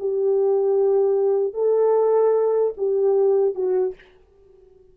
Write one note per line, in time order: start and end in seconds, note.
0.00 1.54 G4
1.54 2.74 A4
2.77 3.55 G4
3.55 3.95 F#4